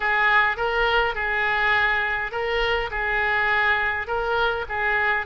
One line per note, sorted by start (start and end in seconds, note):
0.00 0.56 G#4
0.56 1.15 A#4
1.15 2.31 G#4
2.31 2.89 A#4
2.90 4.07 G#4
4.07 4.65 A#4
4.68 5.26 G#4